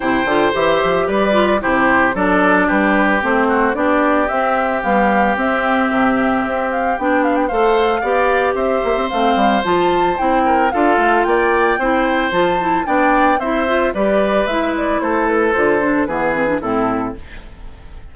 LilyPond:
<<
  \new Staff \with { instrumentName = "flute" } { \time 4/4 \tempo 4 = 112 g''4 e''4 d''4 c''4 | d''4 b'4 c''4 d''4 | e''4 f''4 e''2~ | e''8 f''8 g''8 f''16 g''16 f''2 |
e''4 f''4 a''4 g''4 | f''4 g''2 a''4 | g''4 e''4 d''4 e''8 d''8 | c''8 b'8 c''4 b'4 a'4 | }
  \new Staff \with { instrumentName = "oboe" } { \time 4/4 c''2 b'4 g'4 | a'4 g'4. fis'8 g'4~ | g'1~ | g'2 c''4 d''4 |
c''2.~ c''8 ais'8 | a'4 d''4 c''2 | d''4 c''4 b'2 | a'2 gis'4 e'4 | }
  \new Staff \with { instrumentName = "clarinet" } { \time 4/4 e'8 f'8 g'4. f'8 e'4 | d'2 c'4 d'4 | c'4 g4 c'2~ | c'4 d'4 a'4 g'4~ |
g'4 c'4 f'4 e'4 | f'2 e'4 f'8 e'8 | d'4 e'8 f'8 g'4 e'4~ | e'4 f'8 d'8 b8 c'16 d'16 c'4 | }
  \new Staff \with { instrumentName = "bassoon" } { \time 4/4 c8 d8 e8 f8 g4 c4 | fis4 g4 a4 b4 | c'4 b4 c'4 c4 | c'4 b4 a4 b4 |
c'8 ais16 c'16 a8 g8 f4 c'4 | d'8 a8 ais4 c'4 f4 | b4 c'4 g4 gis4 | a4 d4 e4 a,4 | }
>>